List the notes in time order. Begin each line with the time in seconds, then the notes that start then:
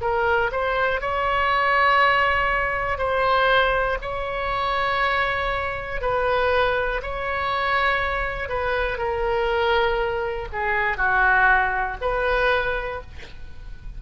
0.00 A#4
0.51 C5
1.00 C#5
2.98 C5
4.01 C#5
6.00 B4
7.02 C#5
8.49 B4
8.98 A#4
10.52 G#4
10.97 F#4
12.01 B4